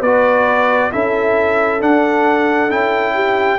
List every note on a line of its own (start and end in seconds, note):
0.00 0.91 B3
0.00 0.91 F#4
0.00 0.90 B4
0.00 0.91 D5
0.91 1.82 C#4
0.91 1.80 E4
0.91 3.14 A4
0.91 1.82 E5
1.80 2.69 D4
1.80 2.71 D4
1.80 2.71 F#5
2.69 3.59 C#4
2.69 3.59 E4
2.69 3.59 G5
3.14 3.59 G4